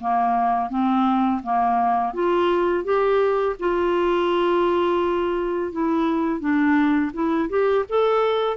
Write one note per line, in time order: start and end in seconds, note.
0.00 0.69 A#3
0.69 1.41 C4
1.43 2.13 A#3
2.13 2.84 F4
2.84 3.56 G4
3.59 5.72 F4
5.72 6.40 E4
6.40 7.11 D4
7.13 7.49 E4
7.49 7.85 G4
7.88 8.57 A4